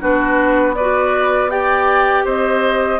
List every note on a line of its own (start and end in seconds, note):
0.00 2.24 B3
0.00 0.75 D4
0.00 0.75 F#4
0.00 0.75 B4
0.75 1.49 F#4
0.75 1.51 B4
0.75 1.50 D5
1.49 2.99 G4
1.49 2.24 D5
1.49 2.25 G5
2.24 2.99 C4
2.24 2.99 C5
2.24 3.00 D#5